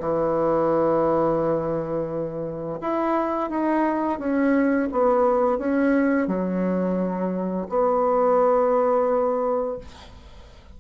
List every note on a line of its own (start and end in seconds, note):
0.00 2.79 E3
2.81 3.50 E4
3.50 4.19 D#4
4.19 4.89 C#4
4.92 5.58 B3
5.58 6.28 C#4
6.28 7.67 F#3
7.69 9.78 B3